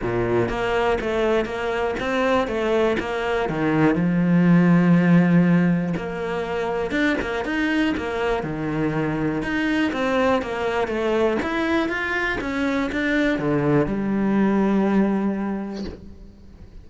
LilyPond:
\new Staff \with { instrumentName = "cello" } { \time 4/4 \tempo 4 = 121 ais,4 ais4 a4 ais4 | c'4 a4 ais4 dis4 | f1 | ais2 d'8 ais8 dis'4 |
ais4 dis2 dis'4 | c'4 ais4 a4 e'4 | f'4 cis'4 d'4 d4 | g1 | }